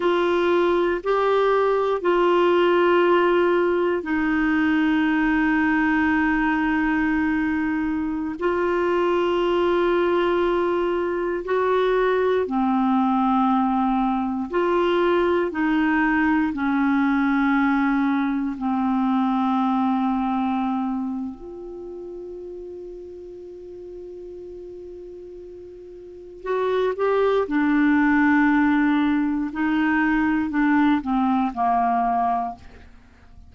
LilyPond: \new Staff \with { instrumentName = "clarinet" } { \time 4/4 \tempo 4 = 59 f'4 g'4 f'2 | dis'1~ | dis'16 f'2. fis'8.~ | fis'16 c'2 f'4 dis'8.~ |
dis'16 cis'2 c'4.~ c'16~ | c'4 f'2.~ | f'2 fis'8 g'8 d'4~ | d'4 dis'4 d'8 c'8 ais4 | }